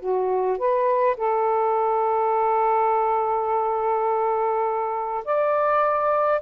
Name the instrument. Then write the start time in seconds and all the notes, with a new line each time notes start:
saxophone
0.00 F#4
0.58 B4
1.17 A4
5.25 D5